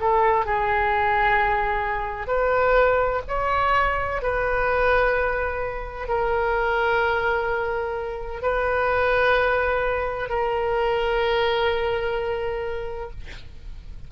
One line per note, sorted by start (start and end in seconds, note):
0.00 0.46 A4
0.46 2.28 G#4
2.28 3.21 B4
3.28 4.22 C#5
4.22 6.08 B4
6.08 8.42 A#4
8.42 10.29 B4
10.29 13.10 A#4